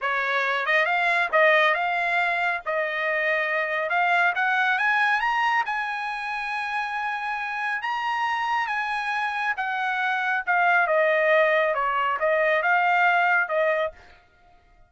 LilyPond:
\new Staff \with { instrumentName = "trumpet" } { \time 4/4 \tempo 4 = 138 cis''4. dis''8 f''4 dis''4 | f''2 dis''2~ | dis''4 f''4 fis''4 gis''4 | ais''4 gis''2.~ |
gis''2 ais''2 | gis''2 fis''2 | f''4 dis''2 cis''4 | dis''4 f''2 dis''4 | }